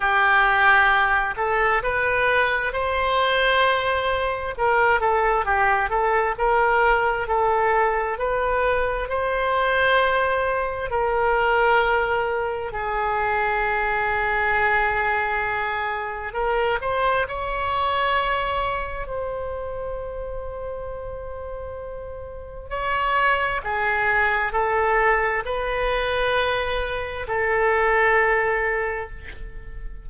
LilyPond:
\new Staff \with { instrumentName = "oboe" } { \time 4/4 \tempo 4 = 66 g'4. a'8 b'4 c''4~ | c''4 ais'8 a'8 g'8 a'8 ais'4 | a'4 b'4 c''2 | ais'2 gis'2~ |
gis'2 ais'8 c''8 cis''4~ | cis''4 c''2.~ | c''4 cis''4 gis'4 a'4 | b'2 a'2 | }